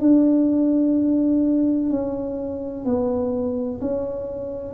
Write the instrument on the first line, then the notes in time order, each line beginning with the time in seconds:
tuba
0.00 D4
1.90 C#4
2.85 B3
3.81 C#4